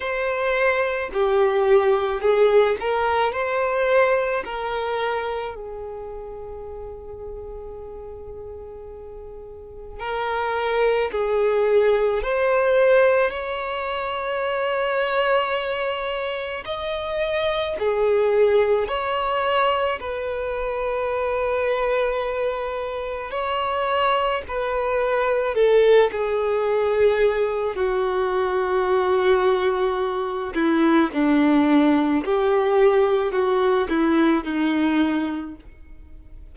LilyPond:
\new Staff \with { instrumentName = "violin" } { \time 4/4 \tempo 4 = 54 c''4 g'4 gis'8 ais'8 c''4 | ais'4 gis'2.~ | gis'4 ais'4 gis'4 c''4 | cis''2. dis''4 |
gis'4 cis''4 b'2~ | b'4 cis''4 b'4 a'8 gis'8~ | gis'4 fis'2~ fis'8 e'8 | d'4 g'4 fis'8 e'8 dis'4 | }